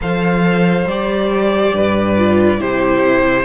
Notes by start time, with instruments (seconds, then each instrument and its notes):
0.01 cello F3, viola A4, violin C5 F5
0.84 cello G3, viola G4, violin D5
1.73 cello G2, violin B4
2.17 viola F4
2.58 cello C3, viola E4, violin G4 C5